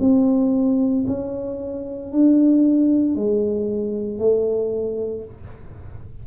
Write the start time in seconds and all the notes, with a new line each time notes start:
0.00 C4
1.07 C#4
2.12 D4
3.15 G#3
4.19 A3